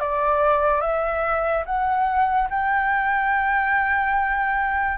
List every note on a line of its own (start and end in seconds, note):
0.00 0.81 D5
0.81 1.64 E5
1.66 2.49 F#5
2.50 4.98 G5